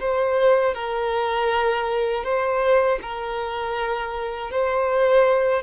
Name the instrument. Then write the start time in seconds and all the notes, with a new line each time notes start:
violin
0.00 C5
0.74 A#4
2.24 C5
3.02 A#4
4.51 C5